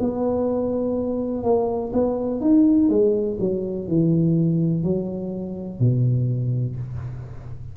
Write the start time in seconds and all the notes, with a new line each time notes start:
0.00 B3
1.44 A#3
1.93 B3
2.41 D#4
2.89 G#3
3.40 F#3
3.88 E3
4.83 F#3
5.80 B2